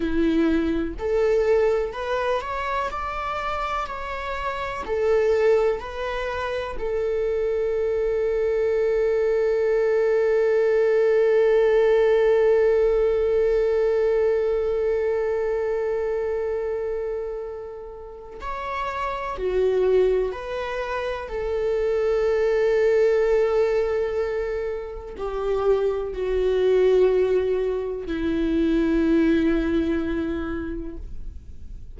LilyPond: \new Staff \with { instrumentName = "viola" } { \time 4/4 \tempo 4 = 62 e'4 a'4 b'8 cis''8 d''4 | cis''4 a'4 b'4 a'4~ | a'1~ | a'1~ |
a'2. cis''4 | fis'4 b'4 a'2~ | a'2 g'4 fis'4~ | fis'4 e'2. | }